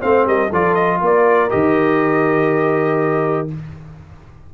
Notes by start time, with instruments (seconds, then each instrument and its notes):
0.00 tuba A3, trombone C4, horn C5, trumpet F5
0.25 tuba G3, horn A#4, trumpet D#5
0.48 tuba F3, trombone F4, horn A4, trumpet D5
0.74 trumpet D#5
1.01 tuba A#3, horn A#4, trumpet D5
1.49 tuba D#3, trombone G4, trumpet D#5